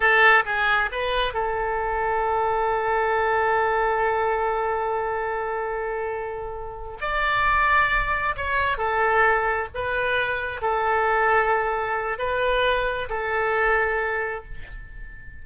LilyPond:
\new Staff \with { instrumentName = "oboe" } { \time 4/4 \tempo 4 = 133 a'4 gis'4 b'4 a'4~ | a'1~ | a'1~ | a'2.~ a'8 d''8~ |
d''2~ d''8 cis''4 a'8~ | a'4. b'2 a'8~ | a'2. b'4~ | b'4 a'2. | }